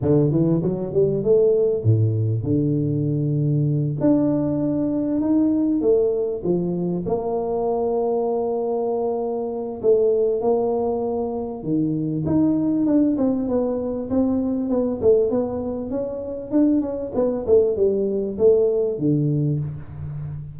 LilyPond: \new Staff \with { instrumentName = "tuba" } { \time 4/4 \tempo 4 = 98 d8 e8 fis8 g8 a4 a,4 | d2~ d8 d'4.~ | d'8 dis'4 a4 f4 ais8~ | ais1 |
a4 ais2 dis4 | dis'4 d'8 c'8 b4 c'4 | b8 a8 b4 cis'4 d'8 cis'8 | b8 a8 g4 a4 d4 | }